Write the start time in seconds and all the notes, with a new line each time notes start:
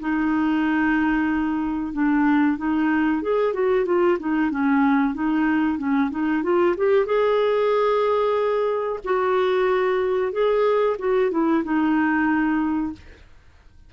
0.00 D#4
1.93 D4
2.58 D#4
3.23 G#4
3.54 F#4
3.86 F4
4.20 D#4
4.51 C#4
5.15 D#4
5.79 C#4
6.11 D#4
6.43 F4
6.77 G4
7.06 G#4
9.05 F#4
10.33 G#4
10.99 F#4
11.32 E4
11.64 D#4